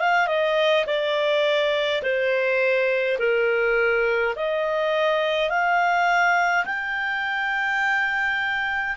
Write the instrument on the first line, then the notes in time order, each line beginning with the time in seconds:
clarinet
0.00 F5
0.27 D#5
0.87 D5
2.03 C5
3.19 A#4
4.36 D#5
5.50 F5
6.66 G5